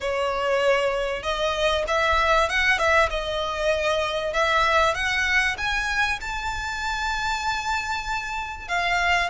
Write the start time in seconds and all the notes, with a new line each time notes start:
0.01 C#5
1.22 D#5
1.87 E5
2.49 F#5
2.78 E5
3.09 D#5
4.33 E5
4.94 F#5
5.57 G#5
6.20 A5
8.68 F5